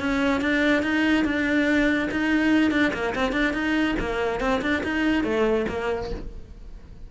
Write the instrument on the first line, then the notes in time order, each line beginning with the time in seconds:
cello
0.00 C#4
0.41 D4
0.83 D#4
1.25 D4
2.11 D#4
2.72 D4
2.94 A#3
3.15 C4
3.33 D4
3.54 D#4
4.00 A#3
4.41 C4
4.62 D4
4.84 D#4
5.24 A3
5.69 A#3